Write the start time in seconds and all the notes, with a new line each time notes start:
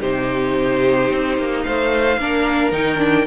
0.00 C3 D#4 G4 C5
1.10 C4
1.37 A#3
1.63 A3 C5 F5
2.17 A#3 D4 A#4
2.72 D#3 D#4 G5
2.97 D4